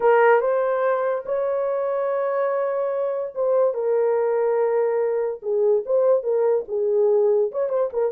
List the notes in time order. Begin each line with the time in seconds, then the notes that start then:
0.00 A#4
0.40 C5
1.25 C#5
3.34 C5
3.74 A#4
5.42 G#4
5.85 C5
6.23 A#4
6.68 G#4
7.51 C#5
7.69 C5
7.93 A#4